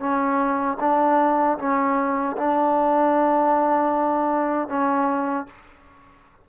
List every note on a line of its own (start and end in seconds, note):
0.00 0.78 C#4
0.80 1.58 D4
1.59 2.37 C#4
2.37 4.69 D4
4.69 5.47 C#4